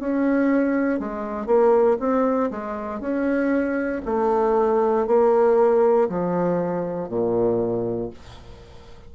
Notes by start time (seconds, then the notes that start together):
0.00 C#4
0.99 G#3
1.47 A#3
1.99 C4
2.51 G#3
3.00 C#4
4.05 A3
5.07 A#3
6.09 F3
7.09 A#2